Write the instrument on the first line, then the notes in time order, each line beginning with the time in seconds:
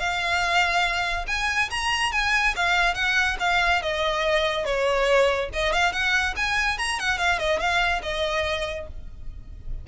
violin
0.00 F5
1.28 G#5
1.71 A#5
2.13 G#5
2.56 F5
2.95 F#5
3.40 F5
3.82 D#5
4.66 C#5
5.54 D#5
5.73 F5
5.93 F#5
6.37 G#5
6.79 A#5
7.00 F#5
7.19 F5
7.39 D#5
7.60 F5
8.03 D#5